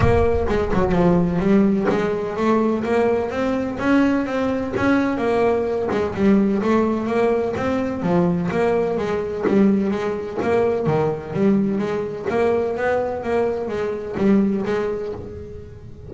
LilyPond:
\new Staff \with { instrumentName = "double bass" } { \time 4/4 \tempo 4 = 127 ais4 gis8 fis8 f4 g4 | gis4 a4 ais4 c'4 | cis'4 c'4 cis'4 ais4~ | ais8 gis8 g4 a4 ais4 |
c'4 f4 ais4 gis4 | g4 gis4 ais4 dis4 | g4 gis4 ais4 b4 | ais4 gis4 g4 gis4 | }